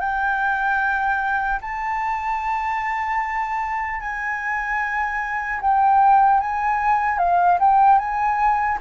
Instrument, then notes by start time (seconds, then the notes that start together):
flute
0.00 G5
1.61 A5
4.00 G#5
5.61 G5
6.40 G#5
7.18 F5
7.60 G5
7.98 G#5